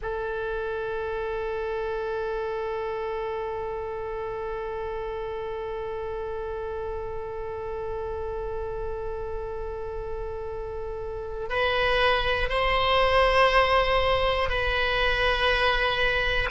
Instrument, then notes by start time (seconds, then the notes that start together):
oboe
0.01 A4
11.49 B4
12.49 C5
14.49 B4